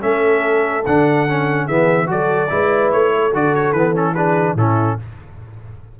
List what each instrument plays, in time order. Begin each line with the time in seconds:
0.00 tuba A3, trombone C#4, horn A4, trumpet E5
0.86 tuba D3, trombone D4, trumpet F#5
1.28 trombone C#4
1.65 tuba E3, trombone B3, horn G#4, trumpet E5
2.06 tuba F#3, trombone F#4, horn A4, trumpet D5
2.49 tuba G#3, trombone E4, horn B4
2.92 tuba A3, trumpet C#5
3.15 horn A4
3.33 tuba D3, trombone F#4, trumpet D5
3.55 trumpet C#5
3.72 tuba E3, trombone B3, trumpet B4
3.94 trombone C#4, trumpet A4
4.14 trombone D4, horn G#4, trumpet B4
4.55 tuba A2, trombone C#4, horn E4, trumpet A4